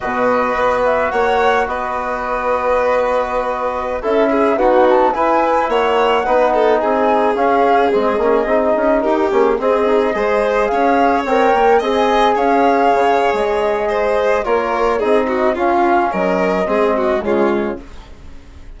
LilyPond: <<
  \new Staff \with { instrumentName = "flute" } { \time 4/4 \tempo 4 = 108 dis''4. e''8 fis''4 dis''4~ | dis''2.~ dis''16 e''8.~ | e''16 fis''8 a''8 gis''4 fis''4.~ fis''16~ | fis''16 gis''4 f''4 dis''4.~ dis''16~ |
dis''16 ais'8 gis'8 dis''2 f''8.~ | f''16 g''4 gis''4 f''4.~ f''16 | dis''2 cis''4 dis''4 | f''4 dis''2 cis''4 | }
  \new Staff \with { instrumentName = "violin" } { \time 4/4 b'2 cis''4 b'4~ | b'2.~ b'16 a'8 gis'16~ | gis'16 fis'4 b'4 cis''4 b'8 a'16~ | a'16 gis'2.~ gis'8.~ |
gis'16 g'4 gis'4 c''4 cis''8.~ | cis''4~ cis''16 dis''4 cis''4.~ cis''16~ | cis''4 c''4 ais'4 gis'8 fis'8 | f'4 ais'4 gis'8 fis'8 f'4 | }
  \new Staff \with { instrumentName = "trombone" } { \time 4/4 fis'1~ | fis'2.~ fis'16 e'8.~ | e'16 b4 e'2 dis'8.~ | dis'4~ dis'16 cis'4 c'8 cis'8 dis'8.~ |
dis'8. cis'8 c'8 dis'8 gis'4.~ gis'16~ | gis'16 ais'4 gis'2~ gis'8.~ | gis'2 f'4 dis'4 | cis'2 c'4 gis4 | }
  \new Staff \with { instrumentName = "bassoon" } { \time 4/4 b,4 b4 ais4 b4~ | b2.~ b16 cis'8.~ | cis'16 dis'4 e'4 ais4 b8.~ | b16 c'4 cis'4 gis8 ais8 c'8 cis'16~ |
cis'16 dis'8 ais8 c'4 gis4 cis'8.~ | cis'16 c'8 ais8 c'4 cis'4 cis8. | gis2 ais4 c'4 | cis'4 fis4 gis4 cis4 | }
>>